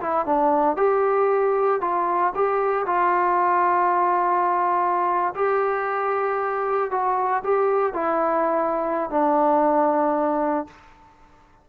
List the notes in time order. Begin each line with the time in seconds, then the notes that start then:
0.00 E4
0.26 D4
0.76 G4
1.81 F4
2.35 G4
2.86 F4
5.35 G4
6.91 F#4
7.43 G4
7.93 E4
9.10 D4